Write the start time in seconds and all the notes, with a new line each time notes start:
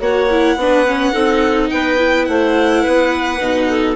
0.00 A#3 F#4 C#5 F#5
0.30 E4
0.56 B3 D4 B4
0.87 C#4
1.12 C4 D#4 A4
1.69 B3 B4 G5
1.97 E4
2.25 A3 C5 F#5
2.82 B3 B4
3.40 B2 D#4
3.69 A4